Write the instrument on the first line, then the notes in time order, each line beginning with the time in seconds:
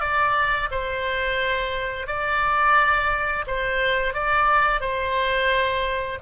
oboe
0.00 D5
0.71 C5
2.07 D5
3.47 C5
4.14 D5
4.81 C5